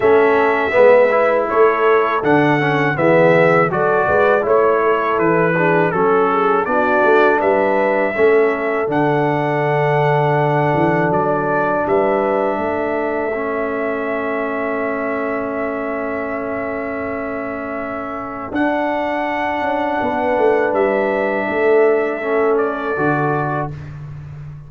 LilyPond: <<
  \new Staff \with { instrumentName = "trumpet" } { \time 4/4 \tempo 4 = 81 e''2 cis''4 fis''4 | e''4 d''4 cis''4 b'4 | a'4 d''4 e''2 | fis''2. d''4 |
e''1~ | e''1~ | e''4 fis''2. | e''2~ e''8 d''4. | }
  \new Staff \with { instrumentName = "horn" } { \time 4/4 a'4 b'4 a'2 | gis'4 a'8 b'8 cis''8 a'4 gis'8 | a'8 gis'8 fis'4 b'4 a'4~ | a'1 |
b'4 a'2.~ | a'1~ | a'2. b'4~ | b'4 a'2. | }
  \new Staff \with { instrumentName = "trombone" } { \time 4/4 cis'4 b8 e'4. d'8 cis'8 | b4 fis'4 e'4. d'8 | cis'4 d'2 cis'4 | d'1~ |
d'2 cis'2~ | cis'1~ | cis'4 d'2.~ | d'2 cis'4 fis'4 | }
  \new Staff \with { instrumentName = "tuba" } { \time 4/4 a4 gis4 a4 d4 | e4 fis8 gis8 a4 e4 | fis4 b8 a8 g4 a4 | d2~ d8 e8 fis4 |
g4 a2.~ | a1~ | a4 d'4. cis'8 b8 a8 | g4 a2 d4 | }
>>